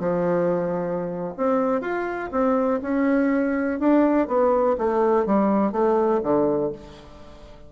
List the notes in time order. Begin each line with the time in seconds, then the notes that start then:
0.00 F3
1.37 C4
1.82 F4
2.32 C4
2.82 C#4
3.80 D4
4.28 B3
4.78 A3
5.26 G3
5.73 A3
6.23 D3